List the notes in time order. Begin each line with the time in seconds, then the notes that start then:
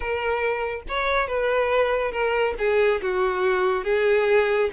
0.00 A#4
0.88 C#5
1.27 B4
2.11 A#4
2.58 G#4
3.02 F#4
3.84 G#4